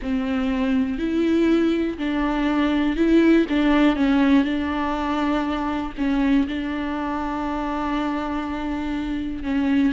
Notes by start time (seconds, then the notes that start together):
0.01 C4
0.98 E4
1.97 D4
2.96 E4
3.49 D4
3.96 C#4
4.44 D4
5.97 C#4
6.47 D4
9.43 C#4